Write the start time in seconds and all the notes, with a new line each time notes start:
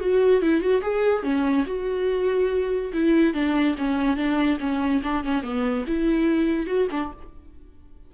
0.00 F#4
0.42 E4
0.60 F#4
0.81 G#4
1.23 C#4
1.66 F#4
2.93 E4
3.33 D4
3.78 C#4
4.16 D4
4.59 C#4
5.03 D4
5.24 C#4
5.43 B3
5.87 E4
6.67 F#4
6.91 D4